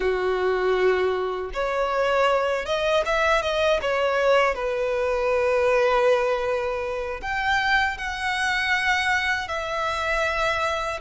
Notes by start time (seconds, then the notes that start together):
0.00 F#4
1.53 C#5
2.65 D#5
3.05 E5
3.41 D#5
3.81 C#5
4.55 B4
7.22 G5
7.97 F#5
9.48 E5